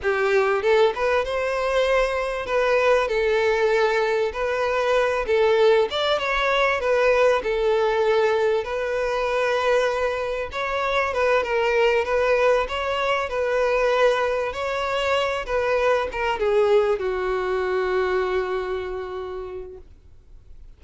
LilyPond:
\new Staff \with { instrumentName = "violin" } { \time 4/4 \tempo 4 = 97 g'4 a'8 b'8 c''2 | b'4 a'2 b'4~ | b'8 a'4 d''8 cis''4 b'4 | a'2 b'2~ |
b'4 cis''4 b'8 ais'4 b'8~ | b'8 cis''4 b'2 cis''8~ | cis''4 b'4 ais'8 gis'4 fis'8~ | fis'1 | }